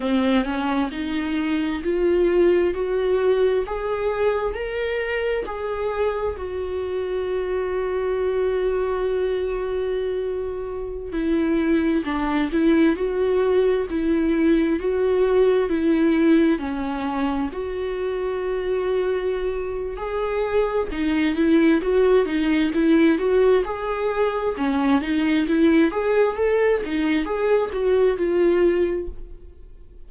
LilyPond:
\new Staff \with { instrumentName = "viola" } { \time 4/4 \tempo 4 = 66 c'8 cis'8 dis'4 f'4 fis'4 | gis'4 ais'4 gis'4 fis'4~ | fis'1~ | fis'16 e'4 d'8 e'8 fis'4 e'8.~ |
e'16 fis'4 e'4 cis'4 fis'8.~ | fis'2 gis'4 dis'8 e'8 | fis'8 dis'8 e'8 fis'8 gis'4 cis'8 dis'8 | e'8 gis'8 a'8 dis'8 gis'8 fis'8 f'4 | }